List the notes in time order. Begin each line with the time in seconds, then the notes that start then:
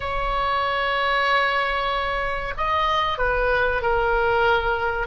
0.00 C#5
2.57 D#5
3.18 B4
3.82 A#4